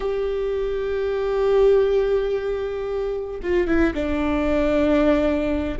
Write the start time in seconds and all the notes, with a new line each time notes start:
0.00 G4
3.42 F4
3.67 E4
3.94 D4